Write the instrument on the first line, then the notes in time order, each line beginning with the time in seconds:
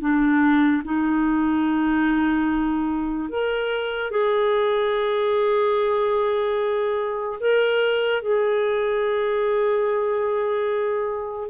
clarinet
0.00 D4
0.84 D#4
3.29 A#4
4.10 G#4
7.40 A#4
8.22 G#4